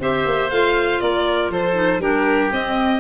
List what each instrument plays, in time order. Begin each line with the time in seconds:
0.00 tuba C4, clarinet G4, oboe C5, violin E5
0.25 tuba A#3
0.50 tuba A3, clarinet F4, violin F5
1.01 tuba A#3, oboe A#4, violin D5
1.49 tuba F3, oboe A4, violin C5
1.74 clarinet D#4
1.99 tuba G3, clarinet D4, oboe G4, violin A#4
2.51 clarinet C4, tuba C4, violin D#5